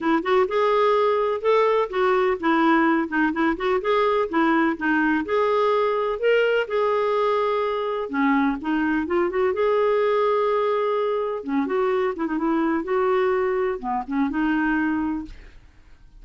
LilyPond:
\new Staff \with { instrumentName = "clarinet" } { \time 4/4 \tempo 4 = 126 e'8 fis'8 gis'2 a'4 | fis'4 e'4. dis'8 e'8 fis'8 | gis'4 e'4 dis'4 gis'4~ | gis'4 ais'4 gis'2~ |
gis'4 cis'4 dis'4 f'8 fis'8 | gis'1 | cis'8 fis'4 e'16 dis'16 e'4 fis'4~ | fis'4 b8 cis'8 dis'2 | }